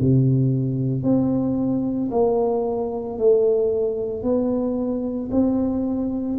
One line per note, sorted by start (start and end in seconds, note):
0.00 1.03 C3
1.03 2.10 C4
2.11 3.18 A#3
3.18 4.23 A3
4.23 5.30 B3
5.31 6.38 C4